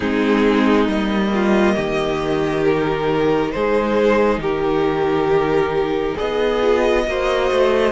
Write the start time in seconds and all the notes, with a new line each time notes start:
0.00 G#3 C4 D#4 G#4
0.87 G3 A#3 D#5
1.33 F4
1.75 D#3 G4
2.64 D#4 A#4
3.51 G#3 G#4 C5
4.38 D#3 G4 A#4
6.15 B3 G#4 D#5
6.61 F4
7.06 A#3 F#4 C5
7.51 A3